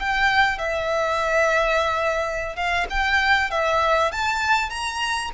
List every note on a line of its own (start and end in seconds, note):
0.00 0.58 G5
0.58 2.56 E5
2.56 2.87 F5
2.90 3.51 G5
3.51 4.12 E5
4.12 4.70 A5
4.70 5.31 A#5